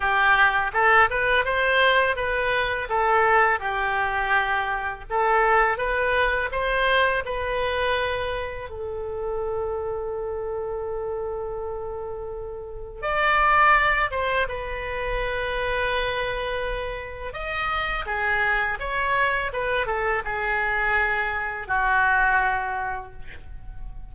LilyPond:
\new Staff \with { instrumentName = "oboe" } { \time 4/4 \tempo 4 = 83 g'4 a'8 b'8 c''4 b'4 | a'4 g'2 a'4 | b'4 c''4 b'2 | a'1~ |
a'2 d''4. c''8 | b'1 | dis''4 gis'4 cis''4 b'8 a'8 | gis'2 fis'2 | }